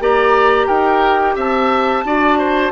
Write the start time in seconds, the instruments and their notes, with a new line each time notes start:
0.00 bassoon A#3, clarinet G4, oboe D5, flute A#5
0.67 bassoon D#4, oboe A#4, flute G5
1.36 bassoon C4, oboe E5, flute A5
2.05 bassoon D4, clarinet F#4, oboe D5
2.39 oboe C5